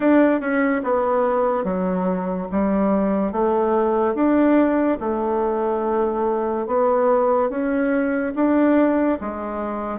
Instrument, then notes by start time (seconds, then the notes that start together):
bassoon
0.00 D4
0.40 C#4
0.83 B3
1.64 F#3
2.51 G3
3.32 A3
4.14 D4
5.00 A3
6.66 B3
7.49 C#4
8.35 D4
9.20 G#3